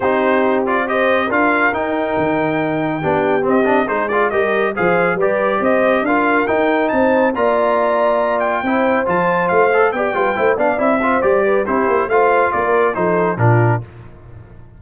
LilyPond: <<
  \new Staff \with { instrumentName = "trumpet" } { \time 4/4 \tempo 4 = 139 c''4. d''8 dis''4 f''4 | g''1 | dis''4 c''8 d''8 dis''4 f''4 | d''4 dis''4 f''4 g''4 |
a''4 ais''2~ ais''8 g''8~ | g''4 a''4 f''4 g''4~ | g''8 f''8 e''4 d''4 c''4 | f''4 d''4 c''4 ais'4 | }
  \new Staff \with { instrumentName = "horn" } { \time 4/4 g'2 c''4 ais'4~ | ais'2. g'4~ | g'4 gis'4 ais'4 c''4 | b'4 c''4 ais'2 |
c''4 d''2. | c''2. d''8 b'8 | c''8 d''4 c''4 b'8 g'4 | c''4 ais'4 a'4 f'4 | }
  \new Staff \with { instrumentName = "trombone" } { \time 4/4 dis'4. f'8 g'4 f'4 | dis'2. d'4 | c'8 d'8 dis'8 f'8 g'4 gis'4 | g'2 f'4 dis'4~ |
dis'4 f'2. | e'4 f'4. a'8 g'8 f'8 | e'8 d'8 e'8 f'8 g'4 e'4 | f'2 dis'4 d'4 | }
  \new Staff \with { instrumentName = "tuba" } { \time 4/4 c'2. d'4 | dis'4 dis2 b4 | c'4 gis4 g4 f4 | g4 c'4 d'4 dis'4 |
c'4 ais2. | c'4 f4 a4 b8 g8 | a8 b8 c'4 g4 c'8 ais8 | a4 ais4 f4 ais,4 | }
>>